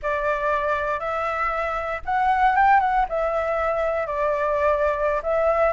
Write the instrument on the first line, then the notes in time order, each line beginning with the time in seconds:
flute
0.02 D5
0.99 E5
2.05 F#5
2.55 G5
2.80 F#5
3.08 E5
4.06 D5
5.22 E5